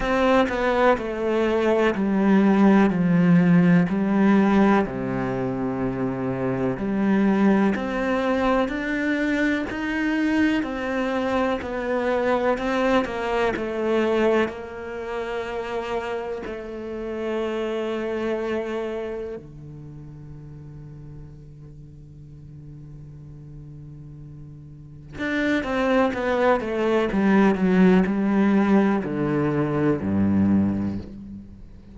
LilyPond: \new Staff \with { instrumentName = "cello" } { \time 4/4 \tempo 4 = 62 c'8 b8 a4 g4 f4 | g4 c2 g4 | c'4 d'4 dis'4 c'4 | b4 c'8 ais8 a4 ais4~ |
ais4 a2. | d1~ | d2 d'8 c'8 b8 a8 | g8 fis8 g4 d4 g,4 | }